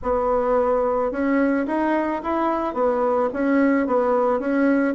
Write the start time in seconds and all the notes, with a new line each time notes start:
0.02 B3
1.11 C#4
1.66 D#4
2.22 E4
2.74 B3
3.33 C#4
3.86 B3
4.39 C#4